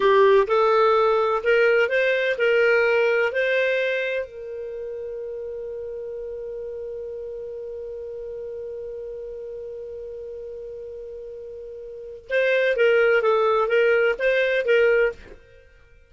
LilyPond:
\new Staff \with { instrumentName = "clarinet" } { \time 4/4 \tempo 4 = 127 g'4 a'2 ais'4 | c''4 ais'2 c''4~ | c''4 ais'2.~ | ais'1~ |
ais'1~ | ais'1~ | ais'2 c''4 ais'4 | a'4 ais'4 c''4 ais'4 | }